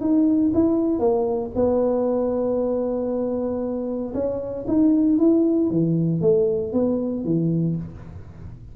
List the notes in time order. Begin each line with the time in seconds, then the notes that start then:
0.00 D#4
0.53 E4
0.99 A#3
1.55 B3
4.13 C#4
4.67 D#4
5.18 E4
5.70 E3
6.21 A3
6.72 B3
7.24 E3